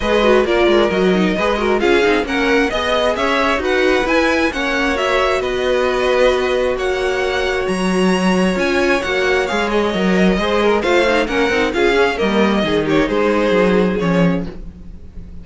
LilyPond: <<
  \new Staff \with { instrumentName = "violin" } { \time 4/4 \tempo 4 = 133 dis''4 d''4 dis''2 | f''4 fis''4 dis''4 e''4 | fis''4 gis''4 fis''4 e''4 | dis''2. fis''4~ |
fis''4 ais''2 gis''4 | fis''4 f''8 dis''2~ dis''8 | f''4 fis''4 f''4 dis''4~ | dis''8 cis''8 c''2 cis''4 | }
  \new Staff \with { instrumentName = "violin" } { \time 4/4 b'4 ais'2 b'8 ais'8 | gis'4 ais'4 dis''4 cis''4 | b'2 cis''2 | b'2. cis''4~ |
cis''1~ | cis''2. c''8 ais'8 | c''4 ais'4 gis'4 ais'4 | gis'8 g'8 gis'2. | }
  \new Staff \with { instrumentName = "viola" } { \time 4/4 gis'8 fis'8 f'4 fis'8 dis'8 gis'8 fis'8 | f'8 dis'8 cis'4 gis'2 | fis'4 e'4 cis'4 fis'4~ | fis'1~ |
fis'2. f'4 | fis'4 gis'4 ais'4 gis'4 | f'8 dis'8 cis'8 dis'8 f'8 cis'8 ais4 | dis'2. cis'4 | }
  \new Staff \with { instrumentName = "cello" } { \time 4/4 gis4 ais8 gis8 fis4 gis4 | cis'8 c'8 ais4 b4 cis'4 | dis'4 e'4 ais2 | b2. ais4~ |
ais4 fis2 cis'4 | ais4 gis4 fis4 gis4 | a4 ais8 c'8 cis'4 g4 | dis4 gis4 fis4 f4 | }
>>